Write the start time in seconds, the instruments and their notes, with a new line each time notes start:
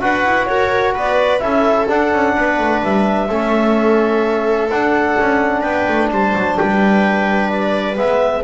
0.00 double bass D4, trombone F#4, viola B4, clarinet F#5
0.25 double bass E4
0.46 double bass F#4, viola A#4, clarinet C#5
0.94 double bass B3, viola B4, clarinet D5
1.39 double bass C#4, trombone E4, viola A4, clarinet E5
1.88 trombone D4, double bass D4, clarinet F#5
2.13 double bass C#4
2.36 double bass B3, viola B4
2.58 double bass A3
2.83 double bass G3, clarinet E5
3.28 double bass A3, trombone C#4, viola A4
4.69 double bass D4, trombone D4, clarinet F#5
5.19 double bass C#4
5.61 double bass B3, viola B4, clarinet G5
5.88 double bass A3
6.10 double bass G3, viola C5, clarinet A5
6.35 double bass F#3
6.56 double bass G3, viola B4, clarinet G5
7.49 clarinet D5
7.95 double bass G#3, trombone B3, clarinet E5